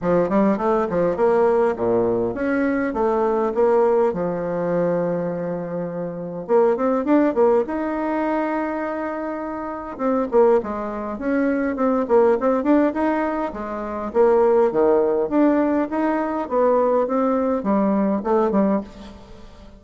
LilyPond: \new Staff \with { instrumentName = "bassoon" } { \time 4/4 \tempo 4 = 102 f8 g8 a8 f8 ais4 ais,4 | cis'4 a4 ais4 f4~ | f2. ais8 c'8 | d'8 ais8 dis'2.~ |
dis'4 c'8 ais8 gis4 cis'4 | c'8 ais8 c'8 d'8 dis'4 gis4 | ais4 dis4 d'4 dis'4 | b4 c'4 g4 a8 g8 | }